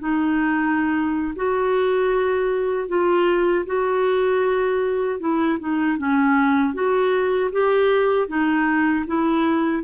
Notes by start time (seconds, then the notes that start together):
0.00 D#4
1.36 F#4
2.89 F4
3.66 F#4
5.21 E4
5.60 D#4
5.98 C#4
6.74 F#4
7.52 G4
8.29 D#4
9.07 E4